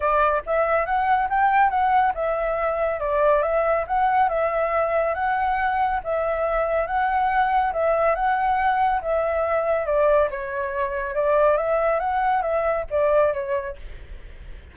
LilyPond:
\new Staff \with { instrumentName = "flute" } { \time 4/4 \tempo 4 = 140 d''4 e''4 fis''4 g''4 | fis''4 e''2 d''4 | e''4 fis''4 e''2 | fis''2 e''2 |
fis''2 e''4 fis''4~ | fis''4 e''2 d''4 | cis''2 d''4 e''4 | fis''4 e''4 d''4 cis''4 | }